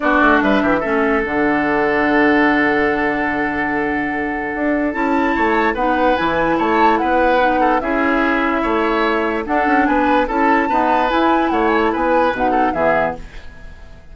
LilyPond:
<<
  \new Staff \with { instrumentName = "flute" } { \time 4/4 \tempo 4 = 146 d''4 e''2 fis''4~ | fis''1~ | fis''1 | a''2 fis''4 gis''4 |
a''4 fis''2 e''4~ | e''2. fis''4 | gis''4 a''2 gis''4 | fis''8 gis''16 a''16 gis''4 fis''4 e''4 | }
  \new Staff \with { instrumentName = "oboe" } { \time 4/4 fis'4 b'8 g'8 a'2~ | a'1~ | a'1~ | a'4 cis''4 b'2 |
cis''4 b'4. a'8 gis'4~ | gis'4 cis''2 a'4 | b'4 a'4 b'2 | cis''4 b'4. a'8 gis'4 | }
  \new Staff \with { instrumentName = "clarinet" } { \time 4/4 d'2 cis'4 d'4~ | d'1~ | d'1 | e'2 dis'4 e'4~ |
e'2 dis'4 e'4~ | e'2. d'4~ | d'4 e'4 b4 e'4~ | e'2 dis'4 b4 | }
  \new Staff \with { instrumentName = "bassoon" } { \time 4/4 b8 a8 g8 e8 a4 d4~ | d1~ | d2. d'4 | cis'4 a4 b4 e4 |
a4 b2 cis'4~ | cis'4 a2 d'8 cis'8 | b4 cis'4 dis'4 e'4 | a4 b4 b,4 e4 | }
>>